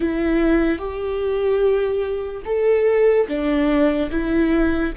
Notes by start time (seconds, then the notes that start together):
0.00 E4
0.78 G4
2.45 A4
3.28 D4
4.10 E4